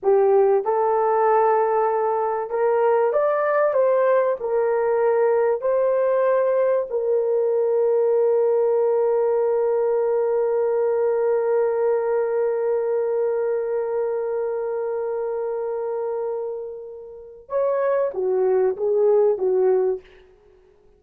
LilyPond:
\new Staff \with { instrumentName = "horn" } { \time 4/4 \tempo 4 = 96 g'4 a'2. | ais'4 d''4 c''4 ais'4~ | ais'4 c''2 ais'4~ | ais'1~ |
ais'1~ | ais'1~ | ais'1 | cis''4 fis'4 gis'4 fis'4 | }